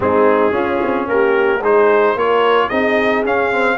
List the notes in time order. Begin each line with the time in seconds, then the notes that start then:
0.00 G#3 C4 D#4 G#4
0.51 C#4 F4
0.83 C4
1.07 A#3 G4 A#4
1.60 G#3 D#4 G#4 C5
2.15 A#3 F4 A#4 C#5
2.67 C4 D#4 G#4 D#5
3.24 C#4 F5
3.51 C4